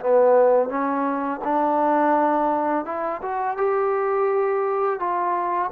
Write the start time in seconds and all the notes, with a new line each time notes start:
0.00 B3
0.69 C#4
1.44 D4
2.85 E4
3.22 F#4
3.57 G4
4.99 F4